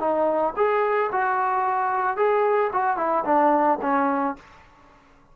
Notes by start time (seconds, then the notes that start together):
0.00 D#4
0.57 G#4
1.13 F#4
2.17 G#4
2.73 F#4
2.97 E4
3.25 D4
3.82 C#4